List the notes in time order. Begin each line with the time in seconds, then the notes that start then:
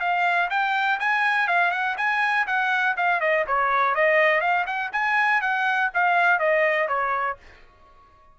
0.00 F5
0.50 G5
0.99 G#5
1.48 F5
1.71 F#5
1.97 G#5
2.47 F#5
2.97 F5
3.20 D#5
3.47 C#5
3.95 D#5
4.40 F5
4.66 F#5
4.92 G#5
5.41 F#5
5.94 F5
6.39 D#5
6.88 C#5